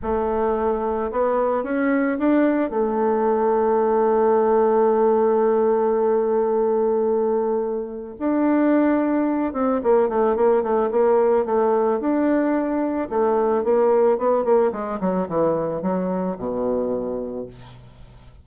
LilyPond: \new Staff \with { instrumentName = "bassoon" } { \time 4/4 \tempo 4 = 110 a2 b4 cis'4 | d'4 a2.~ | a1~ | a2. d'4~ |
d'4. c'8 ais8 a8 ais8 a8 | ais4 a4 d'2 | a4 ais4 b8 ais8 gis8 fis8 | e4 fis4 b,2 | }